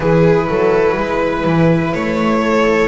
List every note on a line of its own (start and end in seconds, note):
0.00 0.48 E3
0.00 2.88 E4
0.00 0.48 G#4
0.00 1.93 B4
0.48 0.97 F#3
0.48 0.97 A4
0.97 1.44 G#3
0.97 2.41 B4
1.44 1.93 E3
1.93 2.88 A3
1.93 2.88 C#5
2.41 2.88 A4